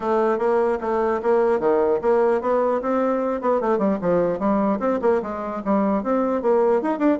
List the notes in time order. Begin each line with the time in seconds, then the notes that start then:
0.00 A3
0.38 A#3
0.80 A3
1.22 A#3
1.59 D#3
2.01 A#3
2.41 B3
2.81 C4
3.41 B3
3.60 A3
3.78 G3
4.01 F3
4.39 G3
4.79 C4
5.01 A#3
5.22 G#3
5.64 G3
6.03 C4
6.41 A#3
6.82 D#4
6.98 D4